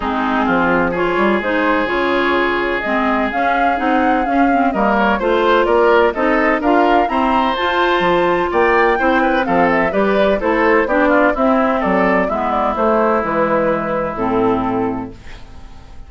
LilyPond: <<
  \new Staff \with { instrumentName = "flute" } { \time 4/4 \tempo 4 = 127 gis'2 cis''4 c''4 | cis''2 dis''4 f''4 | fis''4 f''4 dis''8 cis''8 c''4 | d''4 dis''4 f''4 ais''4 |
a''2 g''2 | f''8 e''8 d''4 c''4 d''4 | e''4 d''4 e''8 d''8 c''4 | b'2 a'2 | }
  \new Staff \with { instrumentName = "oboe" } { \time 4/4 dis'4 f'4 gis'2~ | gis'1~ | gis'2 ais'4 c''4 | ais'4 a'4 ais'4 c''4~ |
c''2 d''4 c''8 b'8 | a'4 b'4 a'4 g'8 f'8 | e'4 a'4 e'2~ | e'1 | }
  \new Staff \with { instrumentName = "clarinet" } { \time 4/4 c'2 f'4 dis'4 | f'2 c'4 cis'4 | dis'4 cis'8 c'8 ais4 f'4~ | f'4 dis'4 f'4 c'4 |
f'2. e'4 | c'4 g'4 e'4 d'4 | c'2 b4 a4 | gis2 c'2 | }
  \new Staff \with { instrumentName = "bassoon" } { \time 4/4 gis4 f4. g8 gis4 | cis2 gis4 cis'4 | c'4 cis'4 g4 a4 | ais4 c'4 d'4 e'4 |
f'4 f4 ais4 c'4 | f4 g4 a4 b4 | c'4 fis4 gis4 a4 | e2 a,2 | }
>>